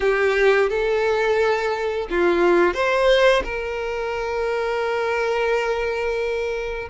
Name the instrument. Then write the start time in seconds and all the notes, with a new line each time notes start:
violin
0.00 G4
0.69 A4
2.09 F4
2.74 C5
3.44 A#4